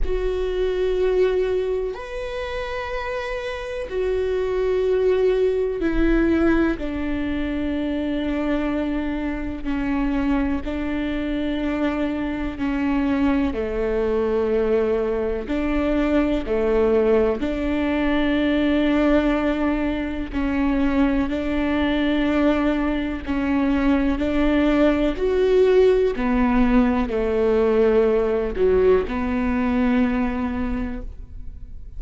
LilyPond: \new Staff \with { instrumentName = "viola" } { \time 4/4 \tempo 4 = 62 fis'2 b'2 | fis'2 e'4 d'4~ | d'2 cis'4 d'4~ | d'4 cis'4 a2 |
d'4 a4 d'2~ | d'4 cis'4 d'2 | cis'4 d'4 fis'4 b4 | a4. fis8 b2 | }